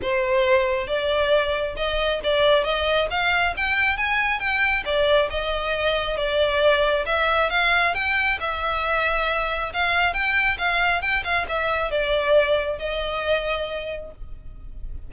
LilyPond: \new Staff \with { instrumentName = "violin" } { \time 4/4 \tempo 4 = 136 c''2 d''2 | dis''4 d''4 dis''4 f''4 | g''4 gis''4 g''4 d''4 | dis''2 d''2 |
e''4 f''4 g''4 e''4~ | e''2 f''4 g''4 | f''4 g''8 f''8 e''4 d''4~ | d''4 dis''2. | }